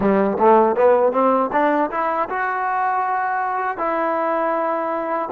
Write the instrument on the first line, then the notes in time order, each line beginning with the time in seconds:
trombone
0.00 G3
0.39 A3
0.76 B3
1.12 C4
1.52 D4
1.90 E4
2.29 F#4
3.77 E4